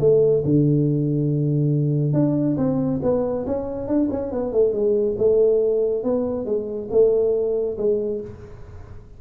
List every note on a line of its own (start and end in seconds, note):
0.00 0.43 A3
0.45 2.13 D3
2.13 2.57 D4
2.57 3.01 C4
3.03 3.46 B3
3.47 3.88 C#4
3.88 4.09 D4
4.11 4.32 C#4
4.32 4.52 B3
4.52 4.73 A3
4.73 5.16 G#3
5.18 6.04 A3
6.04 6.46 B3
6.46 6.89 G#3
6.91 7.77 A3
7.78 8.21 G#3